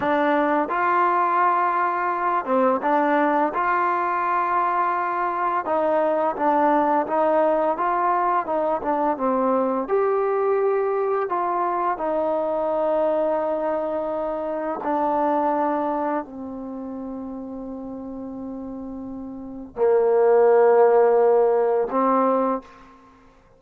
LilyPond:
\new Staff \with { instrumentName = "trombone" } { \time 4/4 \tempo 4 = 85 d'4 f'2~ f'8 c'8 | d'4 f'2. | dis'4 d'4 dis'4 f'4 | dis'8 d'8 c'4 g'2 |
f'4 dis'2.~ | dis'4 d'2 c'4~ | c'1 | ais2. c'4 | }